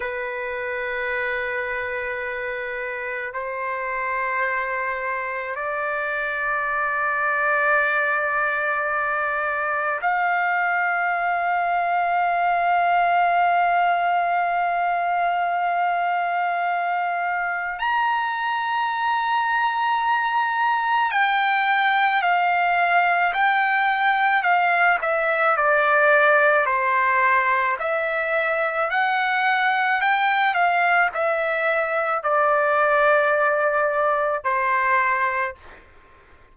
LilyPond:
\new Staff \with { instrumentName = "trumpet" } { \time 4/4 \tempo 4 = 54 b'2. c''4~ | c''4 d''2.~ | d''4 f''2.~ | f''1 |
ais''2. g''4 | f''4 g''4 f''8 e''8 d''4 | c''4 e''4 fis''4 g''8 f''8 | e''4 d''2 c''4 | }